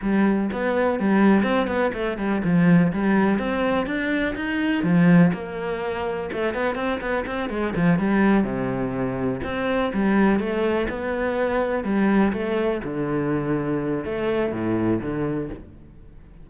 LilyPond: \new Staff \with { instrumentName = "cello" } { \time 4/4 \tempo 4 = 124 g4 b4 g4 c'8 b8 | a8 g8 f4 g4 c'4 | d'4 dis'4 f4 ais4~ | ais4 a8 b8 c'8 b8 c'8 gis8 |
f8 g4 c2 c'8~ | c'8 g4 a4 b4.~ | b8 g4 a4 d4.~ | d4 a4 a,4 d4 | }